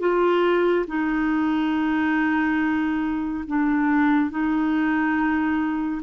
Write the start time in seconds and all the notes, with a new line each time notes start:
0.00 F4
0.88 D#4
3.48 D4
4.31 D#4